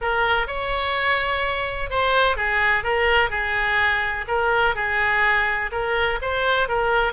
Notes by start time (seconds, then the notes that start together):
0.01 A#4
0.47 C#5
1.90 C5
2.36 G#4
2.83 A#4
3.30 G#4
4.27 A#4
4.75 G#4
5.71 A#4
6.21 C5
6.68 A#4